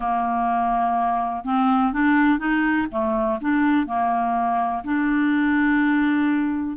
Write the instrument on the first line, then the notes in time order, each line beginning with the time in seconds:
clarinet
0.00 A#3
1.44 C4
1.93 D4
2.38 D#4
2.91 A3
3.40 D4
3.86 A#3
4.84 D4